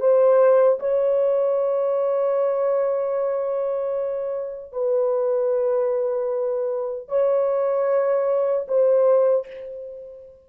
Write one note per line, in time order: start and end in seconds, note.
0.00 0.79 C5
0.80 4.73 C#5
4.73 7.08 B4
7.08 8.66 C#5
8.68 9.47 C5